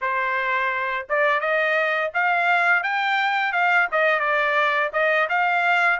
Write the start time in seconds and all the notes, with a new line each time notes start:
0.01 C5
1.09 D5
1.40 D#5
2.14 F5
2.83 G5
3.52 F5
3.91 D#5
4.19 D5
4.93 D#5
5.29 F5